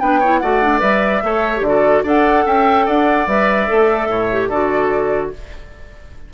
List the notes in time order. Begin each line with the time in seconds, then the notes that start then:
0.00 B3 D4 B4 G5
0.20 E4 C#5
0.39 A3 F#4 D5 F#5
0.62 D4
0.80 G3 B4 E5
1.23 A3 A4 C#5
1.56 D3 G4
1.63 F#4 A4 D5
2.04 D4 A4 D5 F#5
2.46 C#4 E5 G5
2.86 D4 D5 F#5
3.27 G3 B4 E5
3.67 A3 A4
4.08 A2 C#5
4.32 G4
4.49 D3 F#4 A4 D5